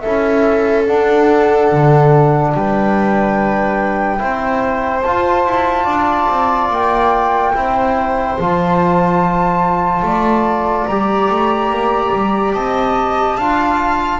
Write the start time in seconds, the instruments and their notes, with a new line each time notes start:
0.00 double bass C#4, trombone E4, viola A4, flute E5
0.86 trombone D4, double bass D4, flute F#5
1.72 double bass D3
2.54 double bass G3, viola B4, flute G5
4.19 double bass C4, trombone E4, viola C5
5.02 double bass F4, trombone F4, flute A5
5.45 double bass E4
5.84 double bass D4, viola D5
6.29 double bass C4
6.70 double bass A#3, flute G5
7.55 double bass C4, trombone E4, viola C5
8.38 double bass F3, trombone F4, flute A5
10.02 double bass A3, viola D5
10.86 double bass G3, trombone G4, flute A#5
11.30 double bass A3
11.70 double bass A#3
12.13 double bass G3
12.53 double bass C4, viola D#5, flute A5
13.37 double bass D4, trombone F4, viola F5